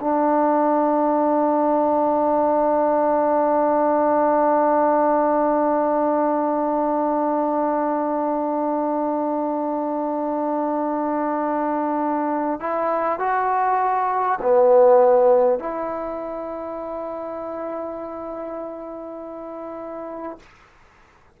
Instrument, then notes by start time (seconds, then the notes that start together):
trombone
0.00 D4
12.59 E4
13.19 F#4
14.41 B3
15.59 E4